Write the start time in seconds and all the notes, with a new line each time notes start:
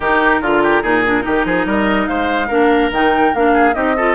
0.00 D#3 D#4 G4 A#4
0.40 D3 F4
0.62 G4
0.82 A#2 D#4 G#4
1.06 D4
1.21 D#3 D#4 G4
1.44 F3 G#4
1.65 G3 A#4 D#5
2.07 G#3 C5 F5
2.47 A#3 D4 A#4
2.90 D#3 D#4 G5
3.34 A#3 D4 F5
3.53 G#4
3.73 C4 D#4 G4 D#5
3.96 F4 A4